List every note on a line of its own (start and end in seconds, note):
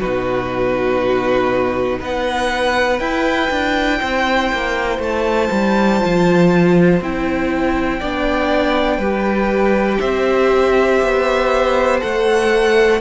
0.00 2.01 B2
0.00 3.00 D#4
0.00 1.99 F#4
0.00 2.00 B4
1.99 2.99 B3
1.99 3.99 B4
1.99 2.99 F#5
2.99 3.49 E4
2.99 6.00 E4
2.99 4.99 G5
3.50 4.00 D4
4.00 4.52 C4
4.00 8.00 C5
4.52 4.99 A#3
4.99 5.49 A3
4.99 7.02 A5
5.51 6.01 G3
6.00 7.00 F3
6.00 7.00 F4
7.00 8.00 C4
7.00 8.01 E4
7.00 10.00 G5
8.00 8.98 B3
8.00 9.01 D4
8.00 8.97 D5
8.97 9.98 G3
8.97 12.00 G4
8.97 9.97 B4
10.00 11.01 C4
10.00 13.00 C5
10.00 12.00 E5
11.02 12.02 B3
12.00 13.01 A3
12.00 13.00 A4
12.00 13.00 F#5